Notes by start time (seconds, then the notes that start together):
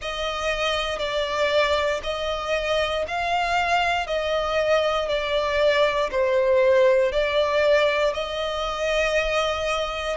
0.01 D#5
0.98 D5
2.03 D#5
3.07 F5
4.06 D#5
5.08 D5
6.11 C5
7.12 D5
8.14 D#5